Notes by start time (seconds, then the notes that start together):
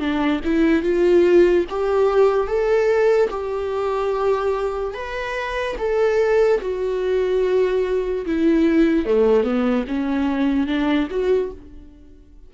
0.00 D4
0.45 E4
0.83 F4
1.70 G4
2.47 A4
3.31 G4
4.94 B4
5.79 A4
6.62 F#4
8.26 E4
9.06 A3
9.44 B3
9.88 C#4
10.67 D4
11.11 F#4